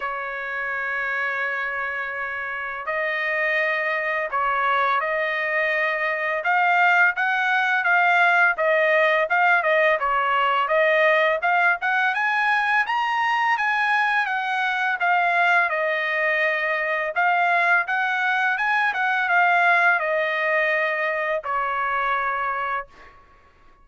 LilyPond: \new Staff \with { instrumentName = "trumpet" } { \time 4/4 \tempo 4 = 84 cis''1 | dis''2 cis''4 dis''4~ | dis''4 f''4 fis''4 f''4 | dis''4 f''8 dis''8 cis''4 dis''4 |
f''8 fis''8 gis''4 ais''4 gis''4 | fis''4 f''4 dis''2 | f''4 fis''4 gis''8 fis''8 f''4 | dis''2 cis''2 | }